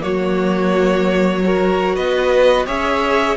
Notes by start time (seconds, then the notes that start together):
0.00 F#3 A#3 F#4 C#5
1.44 F#4 A#4
1.95 B3 B4 D#5
2.66 C#4 G#4 C#5 E5